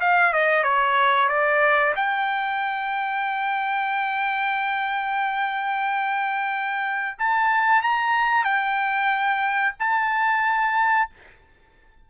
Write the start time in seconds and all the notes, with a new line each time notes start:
0.00 F5
0.33 D#5
0.63 C#5
1.28 D5
1.96 G5
7.18 A5
7.82 A#5
8.44 G5
9.79 A5